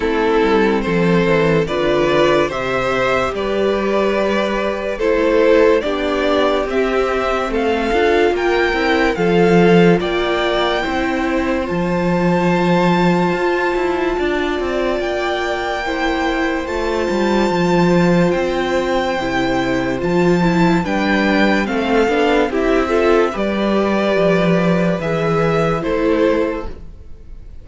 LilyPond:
<<
  \new Staff \with { instrumentName = "violin" } { \time 4/4 \tempo 4 = 72 a'4 c''4 d''4 e''4 | d''2 c''4 d''4 | e''4 f''4 g''4 f''4 | g''2 a''2~ |
a''2 g''2 | a''2 g''2 | a''4 g''4 f''4 e''4 | d''2 e''4 c''4 | }
  \new Staff \with { instrumentName = "violin" } { \time 4/4 e'4 a'4 b'4 c''4 | b'2 a'4 g'4~ | g'4 a'4 ais'4 a'4 | d''4 c''2.~ |
c''4 d''2 c''4~ | c''1~ | c''4 b'4 a'4 g'8 a'8 | b'2. a'4 | }
  \new Staff \with { instrumentName = "viola" } { \time 4/4 c'2 f'4 g'4~ | g'2 e'4 d'4 | c'4. f'4 e'8 f'4~ | f'4 e'4 f'2~ |
f'2. e'4 | f'2. e'4 | f'8 e'8 d'4 c'8 d'8 e'8 f'8 | g'2 gis'4 e'4 | }
  \new Staff \with { instrumentName = "cello" } { \time 4/4 a8 g8 f8 e8 d4 c4 | g2 a4 b4 | c'4 a8 d'8 ais8 c'8 f4 | ais4 c'4 f2 |
f'8 e'8 d'8 c'8 ais2 | a8 g8 f4 c'4 c4 | f4 g4 a8 b8 c'4 | g4 f4 e4 a4 | }
>>